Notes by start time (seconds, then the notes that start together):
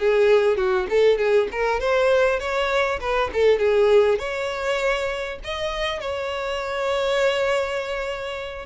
0.00 G#4
0.57 F#4
0.90 A4
1.18 G#4
1.52 A#4
1.80 C5
2.40 C#5
3.01 B4
3.34 A4
3.59 G#4
4.19 C#5
5.44 D#5
6.01 C#5